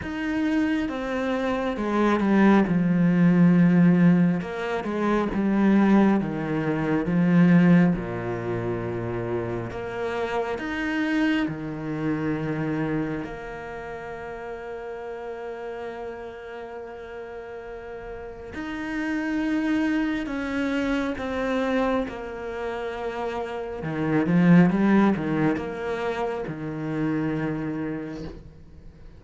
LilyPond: \new Staff \with { instrumentName = "cello" } { \time 4/4 \tempo 4 = 68 dis'4 c'4 gis8 g8 f4~ | f4 ais8 gis8 g4 dis4 | f4 ais,2 ais4 | dis'4 dis2 ais4~ |
ais1~ | ais4 dis'2 cis'4 | c'4 ais2 dis8 f8 | g8 dis8 ais4 dis2 | }